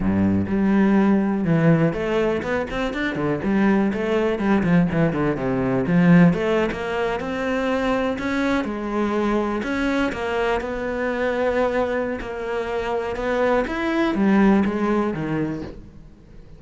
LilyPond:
\new Staff \with { instrumentName = "cello" } { \time 4/4 \tempo 4 = 123 g,4 g2 e4 | a4 b8 c'8 d'8 d8 g4 | a4 g8 f8 e8 d8 c4 | f4 a8. ais4 c'4~ c'16~ |
c'8. cis'4 gis2 cis'16~ | cis'8. ais4 b2~ b16~ | b4 ais2 b4 | e'4 g4 gis4 dis4 | }